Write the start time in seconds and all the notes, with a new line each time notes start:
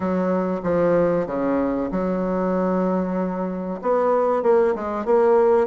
0.00 F#3
0.63 F3
1.26 C#3
1.91 F#3
3.81 B3
4.42 A#3
4.75 G#3
5.05 A#3